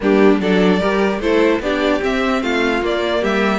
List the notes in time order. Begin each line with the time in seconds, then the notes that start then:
0.00 G3 A#3 D4 G4
0.40 F#3 D4 A4 D5
0.79 G3 G4 A#4
1.19 A3 E4 A4 C5
1.60 B3 D4 G4 D5
2.00 C4 E5
2.42 A3 F4 F5
2.82 A#3 D5
3.21 G3 G4 E5